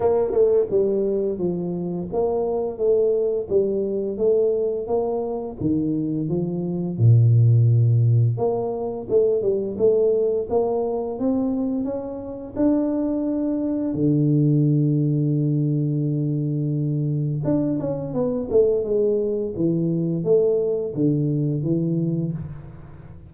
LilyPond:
\new Staff \with { instrumentName = "tuba" } { \time 4/4 \tempo 4 = 86 ais8 a8 g4 f4 ais4 | a4 g4 a4 ais4 | dis4 f4 ais,2 | ais4 a8 g8 a4 ais4 |
c'4 cis'4 d'2 | d1~ | d4 d'8 cis'8 b8 a8 gis4 | e4 a4 d4 e4 | }